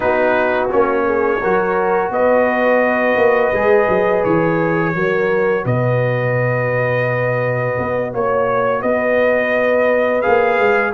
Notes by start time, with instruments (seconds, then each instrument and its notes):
0.00 tuba B3, trombone D#4, horn F#4, trumpet B4
0.69 tuba A#3, trombone C#4, trumpet C#5
1.05 horn G#4
1.40 tuba F#3, trombone F#4, horn A#4
2.10 tuba B3, horn B4, trumpet D#5
3.16 tuba A#3
3.52 tuba G#3, trombone G#4
3.89 tuba F#3
4.24 tuba E3, trumpet C#5
4.94 tuba F#3, trombone F#4, horn A#4
5.64 tuba B2, horn B4, trumpet D#5
7.79 tuba B3
8.11 tuba A#3, horn C#5, trumpet C#5
8.81 tuba B3, horn B4, trumpet D#5
10.21 tuba A#3, trombone G#4, trumpet F5
10.59 tuba G#3